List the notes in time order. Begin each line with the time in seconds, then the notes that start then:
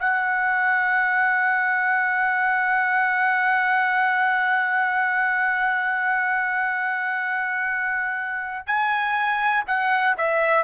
0.00 F#5
8.67 G#5
9.67 F#5
10.18 E5